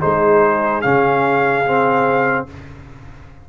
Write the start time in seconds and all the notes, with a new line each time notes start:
0.00 G#3 D#4 G#4 C5
0.81 C#3 C#4 F5
1.65 C4